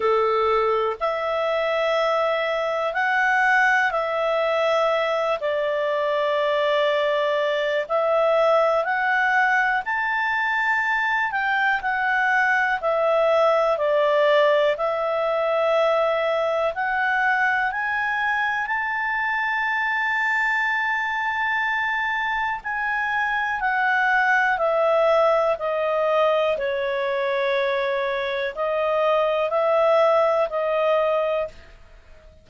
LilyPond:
\new Staff \with { instrumentName = "clarinet" } { \time 4/4 \tempo 4 = 61 a'4 e''2 fis''4 | e''4. d''2~ d''8 | e''4 fis''4 a''4. g''8 | fis''4 e''4 d''4 e''4~ |
e''4 fis''4 gis''4 a''4~ | a''2. gis''4 | fis''4 e''4 dis''4 cis''4~ | cis''4 dis''4 e''4 dis''4 | }